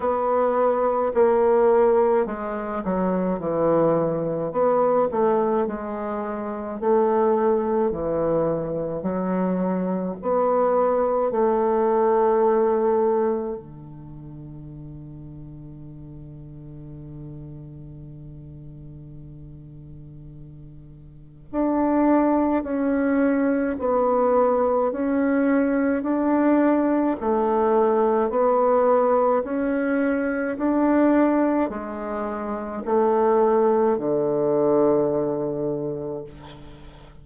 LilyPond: \new Staff \with { instrumentName = "bassoon" } { \time 4/4 \tempo 4 = 53 b4 ais4 gis8 fis8 e4 | b8 a8 gis4 a4 e4 | fis4 b4 a2 | d1~ |
d2. d'4 | cis'4 b4 cis'4 d'4 | a4 b4 cis'4 d'4 | gis4 a4 d2 | }